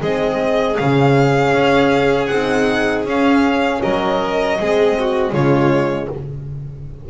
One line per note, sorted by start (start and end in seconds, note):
0.00 0.77 G#3
0.00 0.75 C4
0.00 3.80 G#4
0.00 0.77 D#5
0.75 1.53 C#3
0.75 2.27 C#4
0.75 2.26 F5
1.53 2.29 C#4
2.26 3.05 C4
2.26 3.02 F#5
2.33 3.08 D#4
3.05 3.81 C#4
3.05 4.59 C#4
3.05 3.82 F5
3.82 4.60 F#3
3.82 4.58 A#4
3.82 5.33 D#5
4.59 5.32 G#3
4.59 5.34 C4
4.59 4.98 G#4
4.99 5.33 F#4
5.32 6.08 C#3
5.32 6.10 G#3
5.32 6.09 F4
5.32 6.09 C#5